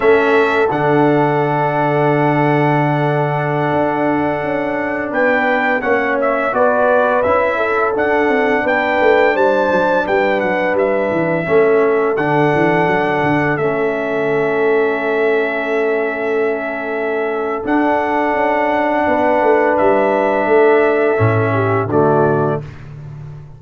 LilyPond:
<<
  \new Staff \with { instrumentName = "trumpet" } { \time 4/4 \tempo 4 = 85 e''4 fis''2.~ | fis''2.~ fis''16 g''8.~ | g''16 fis''8 e''8 d''4 e''4 fis''8.~ | fis''16 g''4 a''4 g''8 fis''8 e''8.~ |
e''4~ e''16 fis''2 e''8.~ | e''1~ | e''4 fis''2. | e''2. d''4 | }
  \new Staff \with { instrumentName = "horn" } { \time 4/4 a'1~ | a'2.~ a'16 b'8.~ | b'16 cis''4 b'4. a'4~ a'16~ | a'16 b'4 c''4 b'4.~ b'16~ |
b'16 a'2.~ a'8.~ | a'1~ | a'2. b'4~ | b'4 a'4. g'8 fis'4 | }
  \new Staff \with { instrumentName = "trombone" } { \time 4/4 cis'4 d'2.~ | d'1~ | d'16 cis'4 fis'4 e'4 d'8.~ | d'1~ |
d'16 cis'4 d'2 cis'8.~ | cis'1~ | cis'4 d'2.~ | d'2 cis'4 a4 | }
  \new Staff \with { instrumentName = "tuba" } { \time 4/4 a4 d2.~ | d4~ d16 d'4 cis'4 b8.~ | b16 ais4 b4 cis'4 d'8 c'16~ | c'16 b8 a8 g8 fis8 g8 fis8 g8 e16~ |
e16 a4 d8 e8 fis8 d8 a8.~ | a1~ | a4 d'4 cis'4 b8 a8 | g4 a4 a,4 d4 | }
>>